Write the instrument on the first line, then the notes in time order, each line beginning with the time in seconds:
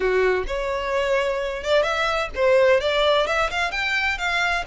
violin
0.00 F#4
0.47 C#5
1.63 D5
1.82 E5
2.35 C5
2.80 D5
3.26 E5
3.50 F5
3.71 G5
4.17 F5